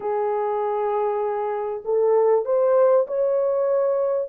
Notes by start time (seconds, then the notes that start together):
0.00 G#4
1.84 A4
2.45 C5
3.07 C#5